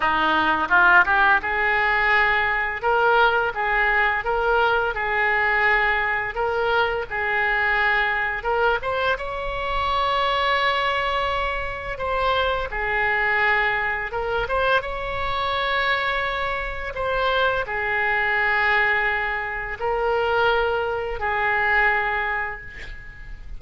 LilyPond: \new Staff \with { instrumentName = "oboe" } { \time 4/4 \tempo 4 = 85 dis'4 f'8 g'8 gis'2 | ais'4 gis'4 ais'4 gis'4~ | gis'4 ais'4 gis'2 | ais'8 c''8 cis''2.~ |
cis''4 c''4 gis'2 | ais'8 c''8 cis''2. | c''4 gis'2. | ais'2 gis'2 | }